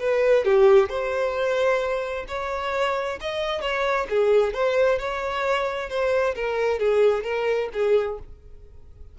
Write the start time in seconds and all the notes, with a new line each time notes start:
0.00 B4
0.45 G4
0.90 C5
2.29 C#5
3.21 D#5
3.62 C#5
4.10 G#4
4.54 C5
4.99 C#5
5.90 C5
6.36 A#4
6.80 G#4
7.24 A#4
7.74 G#4